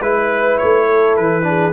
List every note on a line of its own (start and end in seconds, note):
0.00 0.58 G#3
0.00 1.43 E4
0.00 0.86 B4
0.00 0.58 B4
0.58 1.18 A3
0.58 1.16 C#5
0.86 1.44 A4
1.16 1.73 E3
1.16 1.73 B4
1.43 1.71 D4
1.43 1.73 G#4